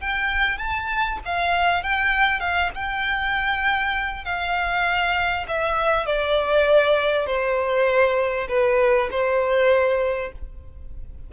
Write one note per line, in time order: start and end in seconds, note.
0.00 0.58 G5
0.58 1.18 A5
1.25 1.83 F5
1.83 2.40 G5
2.40 2.70 F5
2.74 4.25 G5
4.25 5.46 F5
5.48 6.06 E5
6.06 7.26 D5
7.26 8.47 C5
8.48 9.09 B4
9.10 10.31 C5